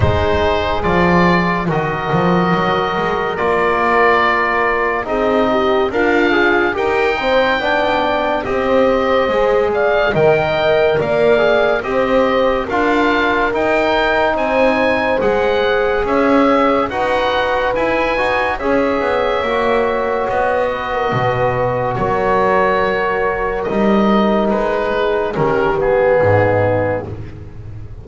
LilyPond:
<<
  \new Staff \with { instrumentName = "oboe" } { \time 4/4 \tempo 4 = 71 c''4 d''4 dis''2 | d''2 dis''4 f''4 | g''2 dis''4. f''8 | g''4 f''4 dis''4 f''4 |
g''4 gis''4 fis''4 e''4 | fis''4 gis''4 e''2 | dis''2 cis''2 | dis''4 b'4 ais'8 gis'4. | }
  \new Staff \with { instrumentName = "horn" } { \time 4/4 gis'2 ais'2~ | ais'2 gis'8 g'8 f'4 | ais'8 c''8 d''4 c''4. d''8 | dis''4 d''4 c''4 ais'4~ |
ais'4 c''2 cis''4 | b'2 cis''2~ | cis''8 b'16 ais'16 b'4 ais'2~ | ais'4. gis'8 g'4 dis'4 | }
  \new Staff \with { instrumentName = "trombone" } { \time 4/4 dis'4 f'4 fis'2 | f'2 dis'4 ais'8 gis'8 | g'8 c'8 d'4 g'4 gis'4 | ais'4. gis'8 g'4 f'4 |
dis'2 gis'2 | fis'4 e'8 fis'8 gis'4 fis'4~ | fis'1 | dis'2 cis'8 b4. | }
  \new Staff \with { instrumentName = "double bass" } { \time 4/4 gis4 f4 dis8 f8 fis8 gis8 | ais2 c'4 d'4 | dis'4 b4 c'4 gis4 | dis4 ais4 c'4 d'4 |
dis'4 c'4 gis4 cis'4 | dis'4 e'8 dis'8 cis'8 b8 ais4 | b4 b,4 fis2 | g4 gis4 dis4 gis,4 | }
>>